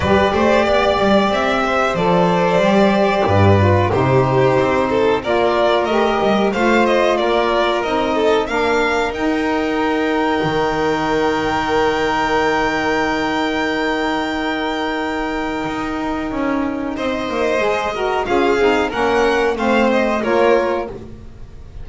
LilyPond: <<
  \new Staff \with { instrumentName = "violin" } { \time 4/4 \tempo 4 = 92 d''2 e''4 d''4~ | d''2 c''2 | d''4 dis''4 f''8 dis''8 d''4 | dis''4 f''4 g''2~ |
g''1~ | g''1~ | g''2 dis''2 | f''4 fis''4 f''8 dis''8 cis''4 | }
  \new Staff \with { instrumentName = "violin" } { \time 4/4 b'8 c''8 d''4. c''4.~ | c''4 b'4 g'4. a'8 | ais'2 c''4 ais'4~ | ais'8 a'8 ais'2.~ |
ais'1~ | ais'1~ | ais'2 c''4. ais'8 | gis'4 ais'4 c''4 ais'4 | }
  \new Staff \with { instrumentName = "saxophone" } { \time 4/4 g'2. a'4 | g'4. f'8 dis'2 | f'4 g'4 f'2 | dis'4 d'4 dis'2~ |
dis'1~ | dis'1~ | dis'2. gis'8 fis'8 | f'8 dis'8 cis'4 c'4 f'4 | }
  \new Staff \with { instrumentName = "double bass" } { \time 4/4 g8 a8 b8 g8 c'4 f4 | g4 g,4 c4 c'4 | ais4 a8 g8 a4 ais4 | c'4 ais4 dis'2 |
dis1~ | dis1 | dis'4 cis'4 c'8 ais8 gis4 | cis'8 c'8 ais4 a4 ais4 | }
>>